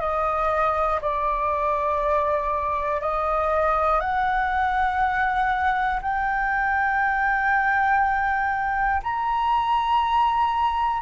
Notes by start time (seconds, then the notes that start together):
0.00 D#5
1.02 D5
3.02 D#5
4.00 F#5
6.02 G5
9.03 A#5